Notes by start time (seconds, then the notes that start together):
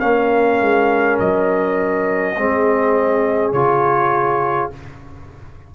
0.00 A#3 C#4 A#4 F5
0.61 G#3
1.20 F#3 D#5
2.37 G#3 C4 G#4
3.53 C#3 F4 C#5